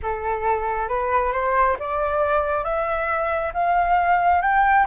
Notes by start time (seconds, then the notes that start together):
0.02 A4
0.88 B4
1.32 C5
1.79 D5
2.64 E5
3.53 F5
4.41 G5